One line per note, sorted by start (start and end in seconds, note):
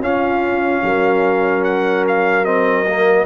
0.00 0.81 C#4
0.00 2.45 C#4
0.00 0.84 F4
0.00 1.65 F5
0.83 3.26 F#3
0.83 3.26 A#4
1.65 2.05 F#5
2.08 2.45 F5
2.45 2.86 C4
2.45 3.26 D#5
2.88 3.26 A#3